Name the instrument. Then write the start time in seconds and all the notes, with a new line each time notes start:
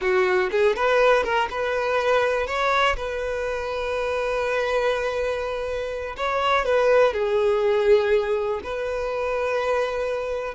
violin
0.01 F#4
0.51 G#4
0.76 B4
1.23 A#4
1.50 B4
2.47 C#5
2.96 B4
6.16 C#5
6.65 B4
7.13 G#4
8.63 B4